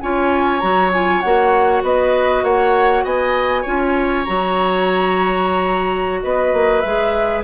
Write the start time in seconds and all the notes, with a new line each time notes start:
0.00 C#4 F4 C#5 G#5
0.60 F#3 F#4 A#5
0.92 F4 G#5
1.21 A#3 F#4 F#5
1.82 B3 B4 D#5
2.42 A#3 C#5 F#5
3.04 B3 D#5 G#5
3.61 C#4 F4 C#5
4.24 F#3 F#4 A#5
6.22 B3 B4 D#5
6.53 A#3
6.80 G#3 G#4 E5